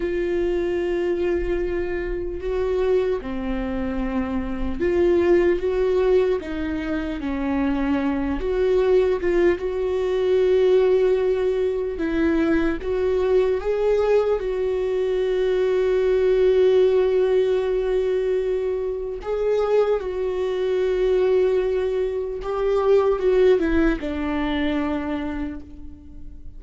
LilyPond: \new Staff \with { instrumentName = "viola" } { \time 4/4 \tempo 4 = 75 f'2. fis'4 | c'2 f'4 fis'4 | dis'4 cis'4. fis'4 f'8 | fis'2. e'4 |
fis'4 gis'4 fis'2~ | fis'1 | gis'4 fis'2. | g'4 fis'8 e'8 d'2 | }